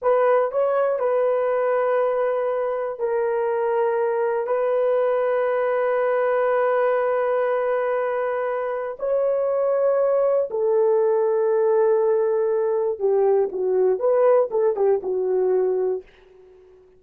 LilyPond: \new Staff \with { instrumentName = "horn" } { \time 4/4 \tempo 4 = 120 b'4 cis''4 b'2~ | b'2 ais'2~ | ais'4 b'2.~ | b'1~ |
b'2 cis''2~ | cis''4 a'2.~ | a'2 g'4 fis'4 | b'4 a'8 g'8 fis'2 | }